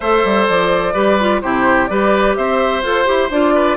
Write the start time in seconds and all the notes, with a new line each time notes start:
0.00 A3 A4 C5 E5
0.24 G3
0.47 F3 D5
0.93 G3 G4 B4
1.19 F4
1.41 C3 E4 G4 C5
1.86 G3 G4 B4 D5
2.35 C4 C5 E5
2.82 F4 A4 C5
3.05 E4 G4
3.30 D4 F4 D5
3.54 B4